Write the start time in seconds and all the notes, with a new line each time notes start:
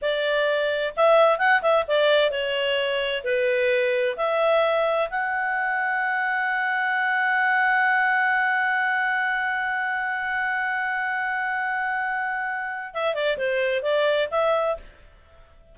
0.01 D5
0.96 E5
1.38 F#5
1.62 E5
1.87 D5
2.31 C#5
3.23 B4
4.16 E5
5.10 F#5
12.93 E5
13.14 D5
13.37 C5
13.82 D5
14.31 E5